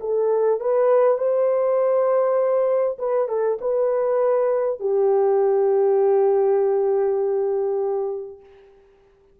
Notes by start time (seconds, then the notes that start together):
0.00 A4
0.61 B4
1.18 C5
2.98 B4
3.28 A4
3.61 B4
4.80 G4